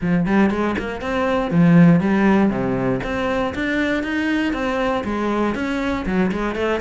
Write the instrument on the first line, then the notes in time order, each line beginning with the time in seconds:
cello
0.01 F3
0.25 G3
0.50 G#3
0.78 A#3
1.01 C4
1.50 F3
2.00 G3
2.50 C3
3.03 C4
3.54 D4
4.03 D#4
4.53 C4
5.04 G#3
5.54 C#4
6.06 F#3
6.31 G#3
6.55 A3